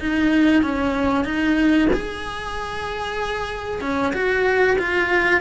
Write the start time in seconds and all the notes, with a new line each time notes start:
0.00 D#4
0.63 C#4
1.25 D#4
1.93 G#4
3.81 C#4
4.13 F#4
4.79 F4